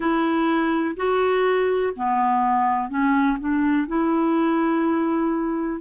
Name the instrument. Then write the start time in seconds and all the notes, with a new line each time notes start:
clarinet
0.00 E4
0.96 F#4
1.96 B3
2.89 C#4
3.39 D4
3.87 E4